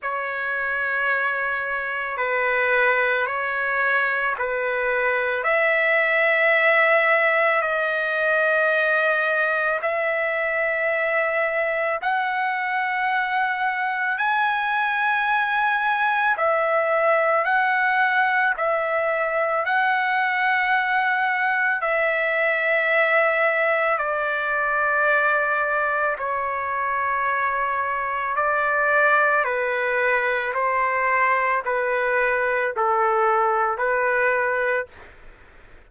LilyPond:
\new Staff \with { instrumentName = "trumpet" } { \time 4/4 \tempo 4 = 55 cis''2 b'4 cis''4 | b'4 e''2 dis''4~ | dis''4 e''2 fis''4~ | fis''4 gis''2 e''4 |
fis''4 e''4 fis''2 | e''2 d''2 | cis''2 d''4 b'4 | c''4 b'4 a'4 b'4 | }